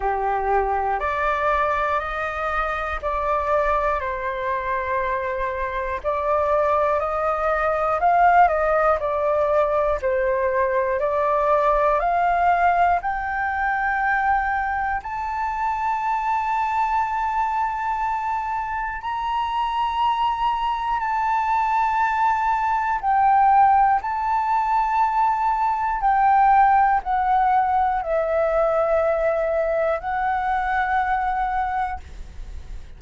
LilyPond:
\new Staff \with { instrumentName = "flute" } { \time 4/4 \tempo 4 = 60 g'4 d''4 dis''4 d''4 | c''2 d''4 dis''4 | f''8 dis''8 d''4 c''4 d''4 | f''4 g''2 a''4~ |
a''2. ais''4~ | ais''4 a''2 g''4 | a''2 g''4 fis''4 | e''2 fis''2 | }